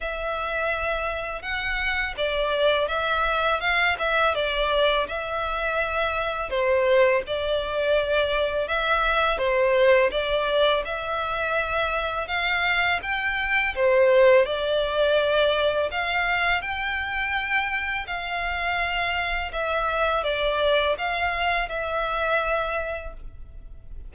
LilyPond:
\new Staff \with { instrumentName = "violin" } { \time 4/4 \tempo 4 = 83 e''2 fis''4 d''4 | e''4 f''8 e''8 d''4 e''4~ | e''4 c''4 d''2 | e''4 c''4 d''4 e''4~ |
e''4 f''4 g''4 c''4 | d''2 f''4 g''4~ | g''4 f''2 e''4 | d''4 f''4 e''2 | }